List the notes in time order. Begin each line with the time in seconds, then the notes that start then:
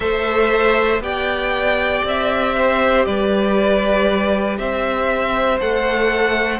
0.00 A3 A4 C5 E5
0.99 B3 G4 D5 G5
2.04 C4 E5
2.56 C5
3.05 G3 B4 D5
4.57 C4 C5 E5
5.60 A3 A4 F#5